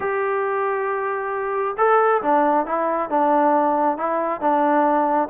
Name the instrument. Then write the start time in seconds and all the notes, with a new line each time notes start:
trombone
0.00 G4
1.77 A4
2.22 D4
2.66 E4
3.09 D4
3.97 E4
4.40 D4